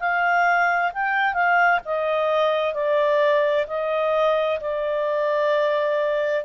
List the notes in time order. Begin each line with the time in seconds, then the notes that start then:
0.00 F5
0.94 G5
1.34 F5
1.85 D#5
2.74 D5
3.67 D#5
4.61 D5